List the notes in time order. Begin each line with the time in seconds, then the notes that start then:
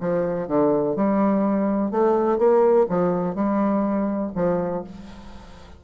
0.00 F3
0.47 D3
0.96 G3
1.91 A3
2.38 A#3
2.89 F3
3.35 G3
4.35 F3